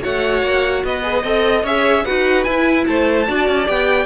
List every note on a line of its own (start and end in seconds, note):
0.00 0.42 A3
0.00 1.01 F#4
0.00 0.83 C#5
0.00 0.84 F#5
0.42 0.83 A#3
0.84 1.24 B3
0.84 1.22 B4
0.84 1.66 D#5
1.03 1.23 G#4
1.22 1.63 C4
1.22 1.65 A4
1.22 1.63 D#5
1.63 2.04 C#4
1.63 2.06 G#4
1.63 2.03 C#5
1.63 2.04 E5
2.04 2.46 D#4
2.04 2.45 F#4
2.04 2.85 B4
2.04 2.43 F#5
2.43 3.26 E4
2.43 2.86 E4
2.43 2.84 G#5
2.86 3.28 A3
2.86 3.27 C5
2.86 3.67 A5
3.27 3.47 D4
3.27 3.65 F#4
3.27 4.05 D5
3.47 3.68 C#4
3.65 4.05 B3
3.65 4.05 G4
3.65 4.05 G5